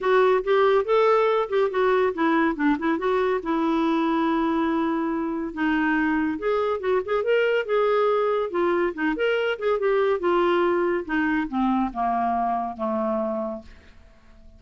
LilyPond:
\new Staff \with { instrumentName = "clarinet" } { \time 4/4 \tempo 4 = 141 fis'4 g'4 a'4. g'8 | fis'4 e'4 d'8 e'8 fis'4 | e'1~ | e'4 dis'2 gis'4 |
fis'8 gis'8 ais'4 gis'2 | f'4 dis'8 ais'4 gis'8 g'4 | f'2 dis'4 c'4 | ais2 a2 | }